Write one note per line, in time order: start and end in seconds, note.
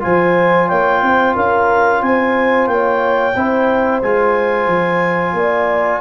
0.00 0.71 F3
0.00 3.33 F4
0.00 0.68 C5
0.00 0.68 G#5
0.68 1.02 A#3
0.68 1.01 C#5
0.68 1.35 G5
1.02 1.35 C4
1.02 1.35 C5
1.35 2.02 C#4
1.35 2.01 A#4
1.35 2.02 F5
2.02 2.67 C4
2.02 2.72 C5
2.02 2.67 G#5
2.67 3.34 A#3
2.67 3.36 C#5
2.67 4.00 G5
3.35 4.02 C4
3.35 4.03 E4
3.35 5.36 C5
4.02 4.67 G#3
4.02 6.01 F4
4.02 6.01 G#5
4.67 5.33 F3
5.33 6.00 A#3
5.33 6.01 D5